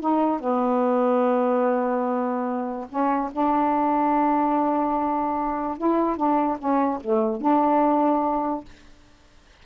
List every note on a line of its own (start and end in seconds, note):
0.00 0.40 D#4
0.40 2.87 B3
2.89 3.30 C#4
3.32 5.78 D4
5.78 6.17 E4
6.17 6.58 D4
6.58 7.00 C#4
7.00 7.41 A3
7.41 8.64 D4